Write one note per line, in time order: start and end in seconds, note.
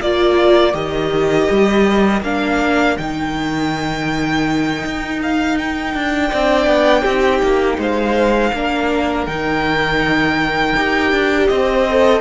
0.00 0.74 A#3
0.00 0.73 F4
0.00 6.30 A#4
0.00 0.75 D5
0.73 1.48 D#3
0.73 2.21 G4
0.73 2.23 D#5
1.50 2.22 G3
2.22 2.96 A#3
2.22 2.98 D4
2.22 2.97 F5
2.98 4.84 D#3
2.98 6.32 D#4
2.98 5.20 G5
4.85 5.94 D#4
5.23 5.58 F5
5.58 7.80 G5
5.94 6.31 D4
6.30 6.67 C4
6.30 7.07 D4
6.30 7.03 D5
6.67 7.04 B3
7.03 7.42 C4
7.03 8.54 D#4
7.03 7.77 G4
7.42 7.78 A#3
7.78 8.52 G#3
7.78 8.52 C5
7.78 9.26 F5
8.53 9.27 A#3
8.53 9.29 D4
8.53 11.50 A#4
9.26 10.75 D#3
9.26 10.77 D#4
9.26 11.48 G5
10.76 11.12 D#4
10.76 11.88 G4
11.12 11.49 D4
11.48 12.21 C4
11.48 12.21 C5
11.48 12.21 D#5
11.90 12.21 A4